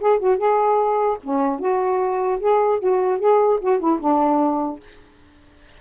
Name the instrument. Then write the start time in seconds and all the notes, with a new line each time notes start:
saxophone
0.00 G#4
0.19 F#4
0.37 G#4
1.23 C#4
1.59 F#4
2.40 G#4
2.79 F#4
3.19 G#4
3.61 F#4
3.79 E4
4.00 D4